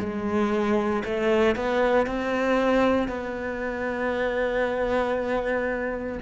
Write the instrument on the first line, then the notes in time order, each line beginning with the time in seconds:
cello
0.00 G#3
1.04 A3
1.56 B3
2.07 C4
3.08 B3